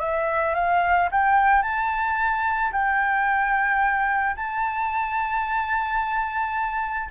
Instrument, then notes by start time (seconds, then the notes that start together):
flute
0.00 E5
0.55 F5
1.12 G5
1.62 A5
2.72 G5
4.36 A5